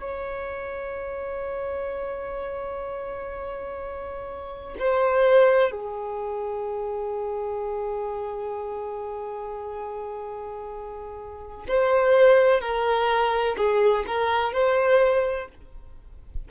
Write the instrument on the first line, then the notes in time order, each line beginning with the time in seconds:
violin
0.00 C#5
4.79 C5
5.71 G#4
11.68 C5
12.61 A#4
13.58 G#4
14.07 A#4
14.53 C5